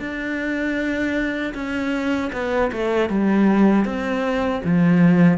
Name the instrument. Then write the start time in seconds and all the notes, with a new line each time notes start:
cello
0.00 D4
1.54 C#4
2.33 B3
2.72 A3
3.09 G3
3.85 C4
4.64 F3